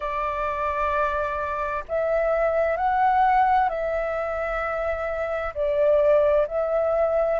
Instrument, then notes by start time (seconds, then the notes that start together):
flute
0.00 D5
1.88 E5
2.77 F#5
3.69 E5
5.54 D5
6.47 E5